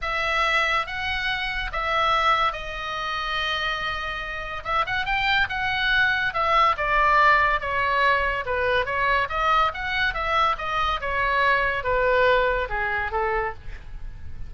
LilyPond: \new Staff \with { instrumentName = "oboe" } { \time 4/4 \tempo 4 = 142 e''2 fis''2 | e''2 dis''2~ | dis''2. e''8 fis''8 | g''4 fis''2 e''4 |
d''2 cis''2 | b'4 cis''4 dis''4 fis''4 | e''4 dis''4 cis''2 | b'2 gis'4 a'4 | }